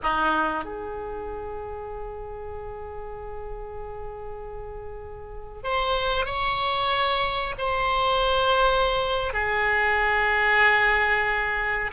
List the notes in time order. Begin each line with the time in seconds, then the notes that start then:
0.02 D#4
0.64 G#4
5.63 C5
6.25 C#5
7.58 C5
9.33 G#4